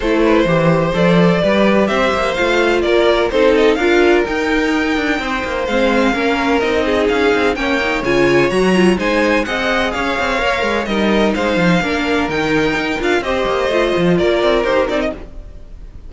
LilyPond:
<<
  \new Staff \with { instrumentName = "violin" } { \time 4/4 \tempo 4 = 127 c''2 d''2 | e''4 f''4 d''4 c''8 dis''8 | f''4 g''2. | f''2 dis''4 f''4 |
g''4 gis''4 ais''4 gis''4 | fis''4 f''2 dis''4 | f''2 g''4. f''8 | dis''2 d''4 c''8 d''16 dis''16 | }
  \new Staff \with { instrumentName = "violin" } { \time 4/4 a'8 b'8 c''2 b'4 | c''2 ais'4 a'4 | ais'2. c''4~ | c''4 ais'4. gis'4. |
cis''2. c''4 | dis''4 cis''2 ais'4 | c''4 ais'2. | c''2 ais'2 | }
  \new Staff \with { instrumentName = "viola" } { \time 4/4 e'4 g'4 a'4 g'4~ | g'4 f'2 dis'4 | f'4 dis'2. | c'4 cis'4 dis'2 |
cis'8 dis'8 f'4 fis'8 f'8 dis'4 | gis'2 ais'4 dis'4~ | dis'4 d'4 dis'4. f'8 | g'4 f'2 g'8 dis'8 | }
  \new Staff \with { instrumentName = "cello" } { \time 4/4 a4 e4 f4 g4 | c'8 ais8 a4 ais4 c'4 | d'4 dis'4. d'8 c'8 ais8 | gis4 ais4 c'4 cis'8 c'8 |
ais4 cis4 fis4 gis4 | c'4 cis'8 c'8 ais8 gis8 g4 | gis8 f8 ais4 dis4 dis'8 d'8 | c'8 ais8 a8 f8 ais8 c'8 dis'8 c'8 | }
>>